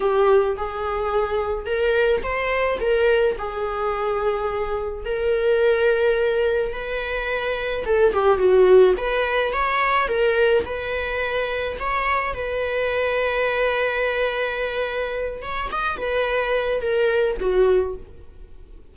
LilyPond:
\new Staff \with { instrumentName = "viola" } { \time 4/4 \tempo 4 = 107 g'4 gis'2 ais'4 | c''4 ais'4 gis'2~ | gis'4 ais'2. | b'2 a'8 g'8 fis'4 |
b'4 cis''4 ais'4 b'4~ | b'4 cis''4 b'2~ | b'2.~ b'8 cis''8 | dis''8 b'4. ais'4 fis'4 | }